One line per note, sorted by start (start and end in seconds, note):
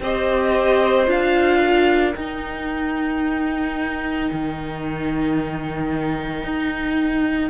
0.00 1.07 C4
0.00 1.06 G4
0.00 1.60 C5
0.00 1.09 D#5
1.06 2.14 D4
1.06 2.13 F4
1.06 2.15 F5
1.60 7.49 A#4
2.15 4.30 D#4
2.15 7.49 D#4
2.15 7.49 G5
4.32 6.43 D#3
6.43 7.49 D#4